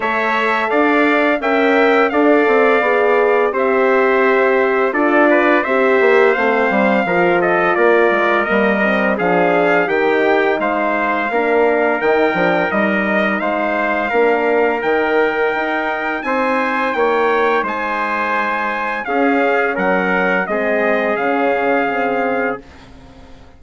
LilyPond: <<
  \new Staff \with { instrumentName = "trumpet" } { \time 4/4 \tempo 4 = 85 e''4 f''4 g''4 f''4~ | f''4 e''2 d''4 | e''4 f''4. dis''8 d''4 | dis''4 f''4 g''4 f''4~ |
f''4 g''4 dis''4 f''4~ | f''4 g''2 gis''4 | g''4 gis''2 f''4 | fis''4 dis''4 f''2 | }
  \new Staff \with { instrumentName = "trumpet" } { \time 4/4 cis''4 d''4 e''4 d''4~ | d''4 c''2 a'8 b'8 | c''2 ais'8 a'8 ais'4~ | ais'4 gis'4 g'4 c''4 |
ais'2. c''4 | ais'2. c''4 | cis''4 c''2 gis'4 | ais'4 gis'2. | }
  \new Staff \with { instrumentName = "horn" } { \time 4/4 a'2 ais'4 a'4 | gis'4 g'2 f'4 | g'4 c'4 f'2 | ais8 c'8 d'4 dis'2 |
d'4 dis'8 d'8 dis'2 | d'4 dis'2.~ | dis'2. cis'4~ | cis'4 c'4 cis'4 c'4 | }
  \new Staff \with { instrumentName = "bassoon" } { \time 4/4 a4 d'4 cis'4 d'8 c'8 | b4 c'2 d'4 | c'8 ais8 a8 g8 f4 ais8 gis8 | g4 f4 dis4 gis4 |
ais4 dis8 f8 g4 gis4 | ais4 dis4 dis'4 c'4 | ais4 gis2 cis'4 | fis4 gis4 cis2 | }
>>